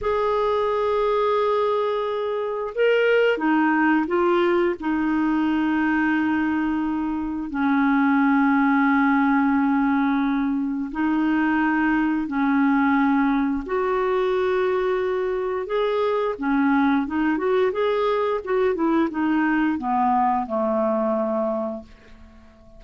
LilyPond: \new Staff \with { instrumentName = "clarinet" } { \time 4/4 \tempo 4 = 88 gis'1 | ais'4 dis'4 f'4 dis'4~ | dis'2. cis'4~ | cis'1 |
dis'2 cis'2 | fis'2. gis'4 | cis'4 dis'8 fis'8 gis'4 fis'8 e'8 | dis'4 b4 a2 | }